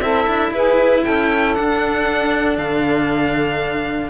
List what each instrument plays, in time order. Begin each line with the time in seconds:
0.00 cello C4 E4, saxophone A4, violin E5
0.27 cello D4
0.51 cello E4, saxophone G#4, violin B4
1.02 cello C#4, saxophone A4, violin G5
1.54 cello D4, violin F#5
2.57 cello D3, violin F5